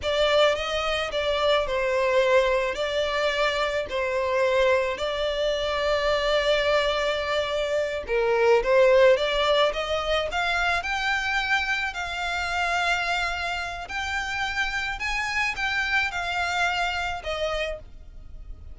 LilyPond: \new Staff \with { instrumentName = "violin" } { \time 4/4 \tempo 4 = 108 d''4 dis''4 d''4 c''4~ | c''4 d''2 c''4~ | c''4 d''2.~ | d''2~ d''8 ais'4 c''8~ |
c''8 d''4 dis''4 f''4 g''8~ | g''4. f''2~ f''8~ | f''4 g''2 gis''4 | g''4 f''2 dis''4 | }